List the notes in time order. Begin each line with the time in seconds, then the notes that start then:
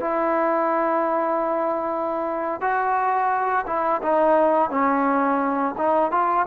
0.00 E4
2.61 F#4
3.67 E4
4.02 D#4
4.70 C#4
5.78 D#4
6.11 F4